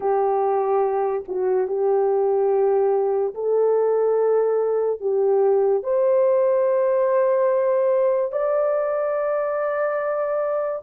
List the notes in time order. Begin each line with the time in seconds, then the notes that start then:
0.00 G4
1.27 F#4
1.67 G4
3.34 A4
5.00 G4
5.83 C5
8.31 D5